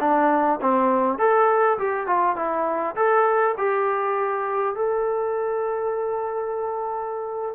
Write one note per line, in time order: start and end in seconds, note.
0.00 0.59 D4
0.61 1.18 C4
1.18 1.78 A4
1.78 2.07 G4
2.07 2.36 F4
2.36 2.95 E4
2.96 3.55 A4
3.57 4.75 G4
4.75 7.55 A4